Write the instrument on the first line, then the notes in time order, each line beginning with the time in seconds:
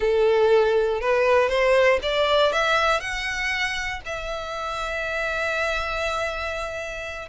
violin
0.00 A4
1.00 B4
1.49 C5
2.02 D5
2.52 E5
3.00 F#5
4.05 E5